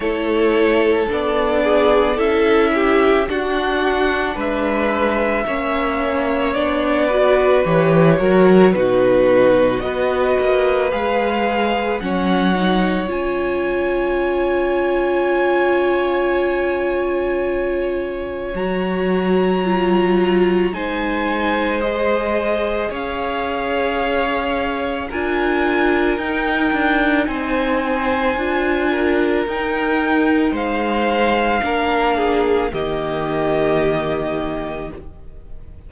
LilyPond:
<<
  \new Staff \with { instrumentName = "violin" } { \time 4/4 \tempo 4 = 55 cis''4 d''4 e''4 fis''4 | e''2 d''4 cis''4 | b'4 dis''4 f''4 fis''4 | gis''1~ |
gis''4 ais''2 gis''4 | dis''4 f''2 gis''4 | g''4 gis''2 g''4 | f''2 dis''2 | }
  \new Staff \with { instrumentName = "violin" } { \time 4/4 a'4. gis'8 a'8 g'8 fis'4 | b'4 cis''4. b'4 ais'8 | fis'4 b'2 cis''4~ | cis''1~ |
cis''2. c''4~ | c''4 cis''2 ais'4~ | ais'4 c''4. ais'4. | c''4 ais'8 gis'8 g'2 | }
  \new Staff \with { instrumentName = "viola" } { \time 4/4 e'4 d'4 e'4 d'4~ | d'4 cis'4 d'8 fis'8 g'8 fis'8 | dis'4 fis'4 gis'4 cis'8 dis'8 | f'1~ |
f'4 fis'4 f'4 dis'4 | gis'2. f'4 | dis'2 f'4 dis'4~ | dis'4 d'4 ais2 | }
  \new Staff \with { instrumentName = "cello" } { \time 4/4 a4 b4 cis'4 d'4 | gis4 ais4 b4 e8 fis8 | b,4 b8 ais8 gis4 fis4 | cis'1~ |
cis'4 fis2 gis4~ | gis4 cis'2 d'4 | dis'8 d'8 c'4 d'4 dis'4 | gis4 ais4 dis2 | }
>>